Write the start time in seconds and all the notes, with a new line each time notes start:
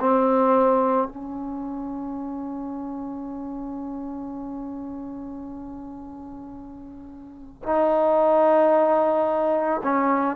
0.00 C4
1.08 C#4
7.63 D#4
9.84 C#4